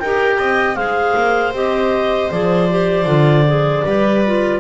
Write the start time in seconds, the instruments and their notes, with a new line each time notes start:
0.00 double bass D#4, clarinet G4 G5, viola A#4
0.38 double bass C4, viola D#5
0.76 double bass G#3, clarinet G#4 F5, viola C5
1.16 double bass A#3
1.53 double bass C4, clarinet G4 D#5
2.31 double bass F3, clarinet G#4 D5
2.70 clarinet G4
3.06 double bass D3, clarinet F4
3.47 clarinet G#4
3.85 double bass G3, clarinet G4, viola B4
4.26 clarinet F4